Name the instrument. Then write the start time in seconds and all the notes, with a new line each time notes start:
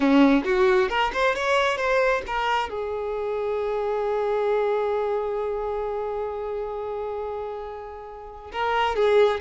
violin
0.00 C#4
0.44 F#4
0.89 A#4
1.13 C5
1.35 C#5
1.77 C5
2.26 A#4
2.69 G#4
8.52 A#4
8.95 G#4